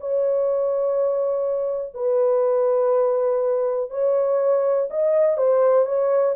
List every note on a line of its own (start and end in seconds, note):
0.00 1.94 C#5
1.94 3.90 B4
3.90 4.89 C#5
4.90 5.37 D#5
5.37 5.86 C5
5.86 6.35 C#5